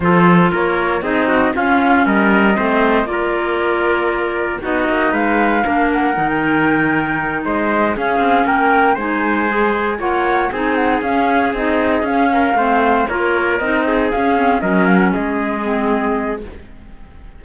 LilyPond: <<
  \new Staff \with { instrumentName = "flute" } { \time 4/4 \tempo 4 = 117 c''4 cis''4 dis''4 f''4 | dis''2 d''2~ | d''4 dis''4 f''4. fis''8~ | fis''16 g''2~ g''16 dis''4 f''8~ |
f''8 g''4 gis''2 fis''8~ | fis''8 gis''8 fis''8 f''4 dis''4 f''8~ | f''4. cis''4 dis''4 f''8~ | f''8 dis''8 f''16 fis''16 dis''2~ dis''8 | }
  \new Staff \with { instrumentName = "trumpet" } { \time 4/4 a'4 ais'4 gis'8 fis'8 f'4 | ais'4 c''4 ais'2~ | ais'4 fis'4 b'4 ais'4~ | ais'2~ ais'8 c''4 gis'8~ |
gis'8 ais'4 c''2 cis''8~ | cis''8 gis'2.~ gis'8 | ais'8 c''4 ais'4. gis'4~ | gis'8 ais'4 gis'2~ gis'8 | }
  \new Staff \with { instrumentName = "clarinet" } { \time 4/4 f'2 dis'4 cis'4~ | cis'4 c'4 f'2~ | f'4 dis'2 d'4 | dis'2.~ dis'8 cis'8~ |
cis'4. dis'4 gis'4 f'8~ | f'8 dis'4 cis'4 dis'4 cis'8~ | cis'8 c'4 f'4 dis'4 cis'8 | c'8 cis'2 c'4. | }
  \new Staff \with { instrumentName = "cello" } { \time 4/4 f4 ais4 c'4 cis'4 | g4 a4 ais2~ | ais4 b8 ais8 gis4 ais4 | dis2~ dis8 gis4 cis'8 |
c'8 ais4 gis2 ais8~ | ais8 c'4 cis'4 c'4 cis'8~ | cis'8 a4 ais4 c'4 cis'8~ | cis'8 fis4 gis2~ gis8 | }
>>